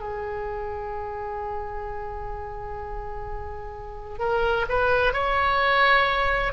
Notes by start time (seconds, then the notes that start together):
0.00 G#4
4.19 A#4
4.69 B4
5.13 C#5